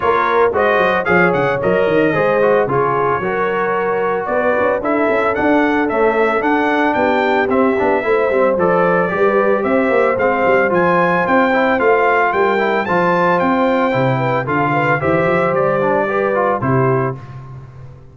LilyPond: <<
  \new Staff \with { instrumentName = "trumpet" } { \time 4/4 \tempo 4 = 112 cis''4 dis''4 f''8 fis''8 dis''4~ | dis''4 cis''2. | d''4 e''4 fis''4 e''4 | fis''4 g''4 e''2 |
d''2 e''4 f''4 | gis''4 g''4 f''4 g''4 | a''4 g''2 f''4 | e''4 d''2 c''4 | }
  \new Staff \with { instrumentName = "horn" } { \time 4/4 ais'4 c''4 cis''2 | c''4 gis'4 ais'2 | b'4 a'2.~ | a'4 g'2 c''4~ |
c''4 b'4 c''2~ | c''2. ais'4 | c''2~ c''8 b'8 a'8 b'8 | c''2 b'4 g'4 | }
  \new Staff \with { instrumentName = "trombone" } { \time 4/4 f'4 fis'4 gis'4 ais'4 | gis'8 fis'8 f'4 fis'2~ | fis'4 e'4 d'4 a4 | d'2 c'8 d'8 e'8 c'8 |
a'4 g'2 c'4 | f'4. e'8 f'4. e'8 | f'2 e'4 f'4 | g'4. d'8 g'8 f'8 e'4 | }
  \new Staff \with { instrumentName = "tuba" } { \time 4/4 ais4 gis8 fis8 f8 cis8 fis8 dis8 | gis4 cis4 fis2 | b8 cis'8 d'8 cis'8 d'4 cis'4 | d'4 b4 c'8 b8 a8 g8 |
f4 g4 c'8 ais8 gis8 g8 | f4 c'4 a4 g4 | f4 c'4 c4 d4 | e8 f8 g2 c4 | }
>>